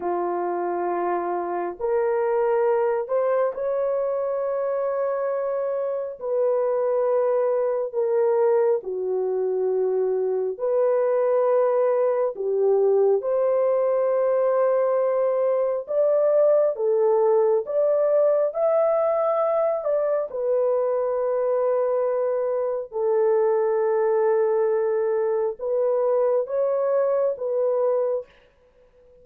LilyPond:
\new Staff \with { instrumentName = "horn" } { \time 4/4 \tempo 4 = 68 f'2 ais'4. c''8 | cis''2. b'4~ | b'4 ais'4 fis'2 | b'2 g'4 c''4~ |
c''2 d''4 a'4 | d''4 e''4. d''8 b'4~ | b'2 a'2~ | a'4 b'4 cis''4 b'4 | }